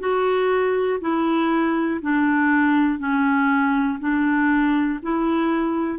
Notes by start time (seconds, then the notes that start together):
0.00 F#4
1.00 E4
2.02 D4
2.99 C#4
4.00 D4
5.02 E4